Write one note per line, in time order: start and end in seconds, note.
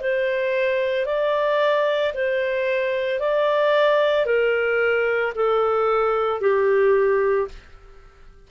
0.00 1.05 C5
1.05 2.12 D5
2.14 3.19 C5
3.19 4.25 D5
4.25 5.32 A#4
5.35 6.40 A4
6.40 7.48 G4